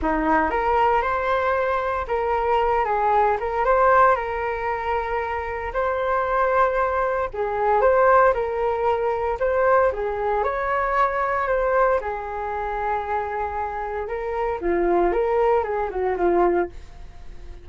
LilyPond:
\new Staff \with { instrumentName = "flute" } { \time 4/4 \tempo 4 = 115 dis'4 ais'4 c''2 | ais'4. gis'4 ais'8 c''4 | ais'2. c''4~ | c''2 gis'4 c''4 |
ais'2 c''4 gis'4 | cis''2 c''4 gis'4~ | gis'2. ais'4 | f'4 ais'4 gis'8 fis'8 f'4 | }